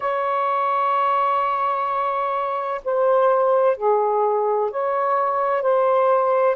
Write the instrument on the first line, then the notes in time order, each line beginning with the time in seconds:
saxophone
0.00 C#5
2.84 C5
3.77 G#4
4.70 C#5
5.62 C5